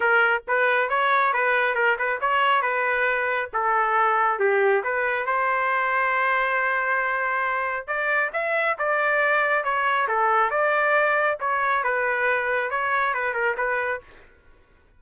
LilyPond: \new Staff \with { instrumentName = "trumpet" } { \time 4/4 \tempo 4 = 137 ais'4 b'4 cis''4 b'4 | ais'8 b'8 cis''4 b'2 | a'2 g'4 b'4 | c''1~ |
c''2 d''4 e''4 | d''2 cis''4 a'4 | d''2 cis''4 b'4~ | b'4 cis''4 b'8 ais'8 b'4 | }